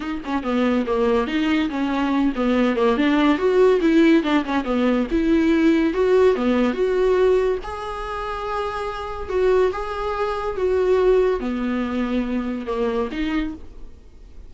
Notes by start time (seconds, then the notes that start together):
0.00 D#4
0.24 C#4
0.43 B3
0.86 A#3
1.27 D#4
1.69 C#4
2.35 B3
2.76 A#3
2.97 D4
3.37 F#4
3.80 E4
4.23 D4
4.44 C#4
4.64 B3
5.11 E4
5.93 F#4
6.35 B3
6.73 F#4
7.63 G#4
9.29 F#4
9.72 G#4
10.56 F#4
11.40 B3
12.66 A#3
13.11 D#4